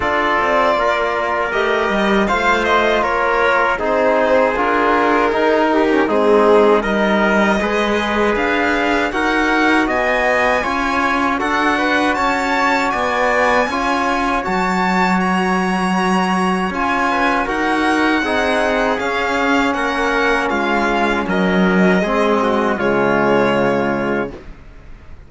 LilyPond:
<<
  \new Staff \with { instrumentName = "violin" } { \time 4/4 \tempo 4 = 79 d''2 dis''4 f''8 dis''8 | cis''4 c''4 ais'2 | gis'4 dis''2 f''4 | fis''4 gis''2 fis''4 |
a''4 gis''2 a''4 | ais''2 gis''4 fis''4~ | fis''4 f''4 fis''4 f''4 | dis''2 cis''2 | }
  \new Staff \with { instrumentName = "trumpet" } { \time 4/4 a'4 ais'2 c''4 | ais'4 gis'2~ gis'8 g'8 | dis'4 ais'4 b'2 | ais'4 dis''4 cis''4 a'8 b'8 |
cis''4 d''4 cis''2~ | cis''2~ cis''8 b'8 ais'4 | gis'2 ais'4 f'4 | ais'4 gis'8 fis'8 f'2 | }
  \new Staff \with { instrumentName = "trombone" } { \time 4/4 f'2 g'4 f'4~ | f'4 dis'4 f'4 dis'8. cis'16 | c'4 dis'4 gis'2 | fis'2 f'4 fis'4~ |
fis'2 f'4 fis'4~ | fis'2 f'4 fis'4 | dis'4 cis'2.~ | cis'4 c'4 gis2 | }
  \new Staff \with { instrumentName = "cello" } { \time 4/4 d'8 c'8 ais4 a8 g8 a4 | ais4 c'4 d'4 dis'4 | gis4 g4 gis4 d'4 | dis'4 b4 cis'4 d'4 |
cis'4 b4 cis'4 fis4~ | fis2 cis'4 dis'4 | c'4 cis'4 ais4 gis4 | fis4 gis4 cis2 | }
>>